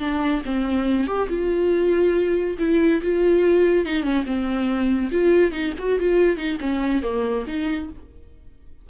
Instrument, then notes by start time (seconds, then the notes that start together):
viola
0.00 D4
0.46 C4
1.07 G4
1.30 F4
2.59 E4
3.03 F4
3.86 D#4
4.03 C#4
4.26 C4
5.12 F4
5.52 D#4
5.79 F#4
6.00 F4
6.37 D#4
6.61 C#4
7.03 A#3
7.47 D#4